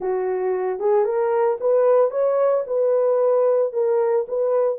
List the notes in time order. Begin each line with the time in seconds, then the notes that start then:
0.00 F#4
0.79 G#4
1.04 A#4
1.60 B4
2.10 C#5
2.66 B4
3.73 A#4
4.27 B4